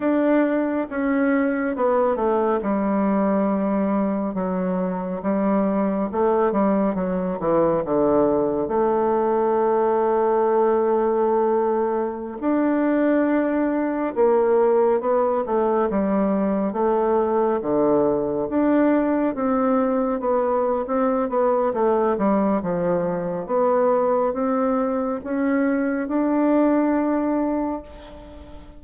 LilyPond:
\new Staff \with { instrumentName = "bassoon" } { \time 4/4 \tempo 4 = 69 d'4 cis'4 b8 a8 g4~ | g4 fis4 g4 a8 g8 | fis8 e8 d4 a2~ | a2~ a16 d'4.~ d'16~ |
d'16 ais4 b8 a8 g4 a8.~ | a16 d4 d'4 c'4 b8. | c'8 b8 a8 g8 f4 b4 | c'4 cis'4 d'2 | }